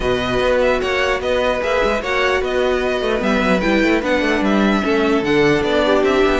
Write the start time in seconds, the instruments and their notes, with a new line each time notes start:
0.00 cello B2, viola F#4, violin B4 D#5
0.40 cello B3
0.61 violin E5
0.80 cello A#3, violin C#5 F#5
1.20 cello B3, violin B4 D#5
1.60 cello A#3, viola G#4, violin E5
1.84 cello G#3
2.01 cello A#3, viola F#4, violin C#5 F#5
2.40 cello B3, violin B4 D#5
3.01 cello A3
3.18 cello G3, viola B3, violin E5
3.41 cello F#3
3.60 cello G3, viola E4, violin G5
3.83 cello A3
4.02 cello B3, viola D4, violin F#5
4.21 cello A3
4.41 cello G3, violin E5
4.82 cello A3, viola C#4, violin A4
5.22 cello D3, viola D4, violin F#5
5.62 cello B3, violin D5
5.85 violin G4
6.02 cello C4, violin E5
6.25 cello B3